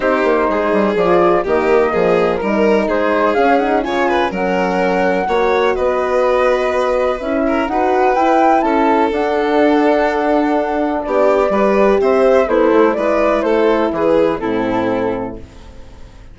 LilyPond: <<
  \new Staff \with { instrumentName = "flute" } { \time 4/4 \tempo 4 = 125 c''2 d''4 dis''4~ | dis''4 ais'4 c''4 f''8 fis''8 | gis''4 fis''2. | dis''2. e''4 |
fis''4 g''4 a''4 fis''4~ | fis''2. d''4~ | d''4 e''4 c''4 d''4 | c''4 b'4 a'2 | }
  \new Staff \with { instrumentName = "violin" } { \time 4/4 g'4 gis'2 g'4 | gis'4 ais'4 gis'2 | cis''8 b'8 ais'2 cis''4 | b'2.~ b'8 ais'8 |
b'2 a'2~ | a'2. g'4 | b'4 c''4 e'4 b'4 | a'4 gis'4 e'2 | }
  \new Staff \with { instrumentName = "horn" } { \time 4/4 dis'2 f'4 ais4~ | ais4 dis'2 cis'8 dis'8 | f'4 cis'2 fis'4~ | fis'2. e'4 |
fis'4 e'2 d'4~ | d'1 | g'2 a'4 e'4~ | e'2 c'2 | }
  \new Staff \with { instrumentName = "bassoon" } { \time 4/4 c'8 ais8 gis8 g8 f4 dis4 | f4 g4 gis4 cis'4 | cis4 fis2 ais4 | b2. cis'4 |
dis'4 e'4 cis'4 d'4~ | d'2. b4 | g4 c'4 b8 a8 gis4 | a4 e4 a,2 | }
>>